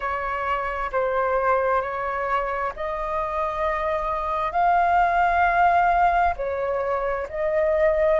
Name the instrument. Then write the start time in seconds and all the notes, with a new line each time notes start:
flute
0.00 C#5
0.92 C5
1.81 C#5
2.76 D#5
4.52 F5
6.36 C#5
7.29 D#5